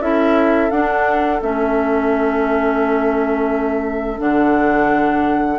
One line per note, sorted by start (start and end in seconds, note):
0.00 0.70 C#4
0.00 0.71 E4
0.00 5.59 A4
0.00 0.71 E5
0.71 1.41 D4
0.71 1.41 F#5
1.42 4.20 A3
1.42 4.19 C#4
1.42 4.20 E5
4.19 5.59 D3
4.19 5.58 D4
4.19 5.59 F#5